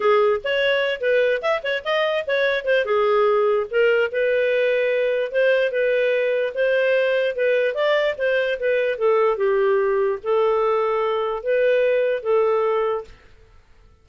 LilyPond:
\new Staff \with { instrumentName = "clarinet" } { \time 4/4 \tempo 4 = 147 gis'4 cis''4. b'4 e''8 | cis''8 dis''4 cis''4 c''8 gis'4~ | gis'4 ais'4 b'2~ | b'4 c''4 b'2 |
c''2 b'4 d''4 | c''4 b'4 a'4 g'4~ | g'4 a'2. | b'2 a'2 | }